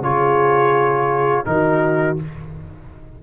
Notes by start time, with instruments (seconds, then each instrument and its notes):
0.00 tuba C#3, trombone F4, horn G#4, trumpet C#5
1.45 tuba D#3, trombone D#4, trumpet A#4
1.51 horn F#4